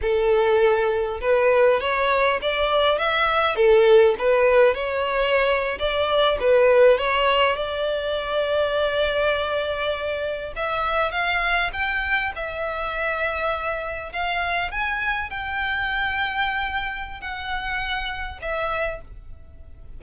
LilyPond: \new Staff \with { instrumentName = "violin" } { \time 4/4 \tempo 4 = 101 a'2 b'4 cis''4 | d''4 e''4 a'4 b'4 | cis''4.~ cis''16 d''4 b'4 cis''16~ | cis''8. d''2.~ d''16~ |
d''4.~ d''16 e''4 f''4 g''16~ | g''8. e''2. f''16~ | f''8. gis''4 g''2~ g''16~ | g''4 fis''2 e''4 | }